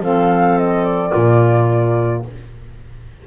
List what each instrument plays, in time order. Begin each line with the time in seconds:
0.00 double bass F3, saxophone C4, clarinet A4, flute F5
0.58 flute D#5
0.84 flute D5
1.11 double bass A#2, saxophone A#3, clarinet F4